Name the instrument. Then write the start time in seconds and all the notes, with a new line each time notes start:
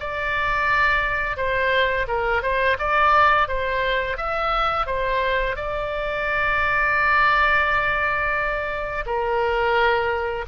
oboe
0.00 D5
1.36 C5
2.07 A#4
2.42 C5
2.78 D5
3.48 C5
4.17 E5
4.86 C5
5.56 D5
9.06 A#4